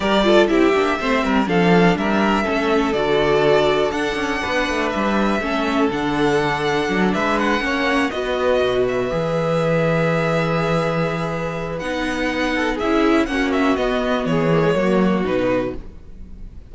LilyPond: <<
  \new Staff \with { instrumentName = "violin" } { \time 4/4 \tempo 4 = 122 d''4 e''2 f''4 | e''2 d''2 | fis''2 e''2 | fis''2~ fis''8 e''8 fis''4~ |
fis''8 dis''4. e''2~ | e''1 | fis''2 e''4 fis''8 e''8 | dis''4 cis''2 b'4 | }
  \new Staff \with { instrumentName = "violin" } { \time 4/4 ais'8 a'8 g'4 c''8 ais'8 a'4 | ais'4 a'2.~ | a'4 b'2 a'4~ | a'2~ a'8 b'4 cis''8~ |
cis''8 b'2.~ b'8~ | b'1~ | b'4. a'8 gis'4 fis'4~ | fis'4 gis'4 fis'2 | }
  \new Staff \with { instrumentName = "viola" } { \time 4/4 g'8 f'8 e'8 d'8 c'4 d'4~ | d'4 cis'4 fis'2 | d'2. cis'4 | d'2.~ d'8 cis'8~ |
cis'8 fis'2 gis'4.~ | gis'1 | dis'2 e'4 cis'4 | b4. ais16 gis16 ais4 dis'4 | }
  \new Staff \with { instrumentName = "cello" } { \time 4/4 g4 c'8 ais8 a8 g8 f4 | g4 a4 d2 | d'8 cis'8 b8 a8 g4 a4 | d2 fis8 gis4 ais8~ |
ais8 b4 b,4 e4.~ | e1 | b2 cis'4 ais4 | b4 e4 fis4 b,4 | }
>>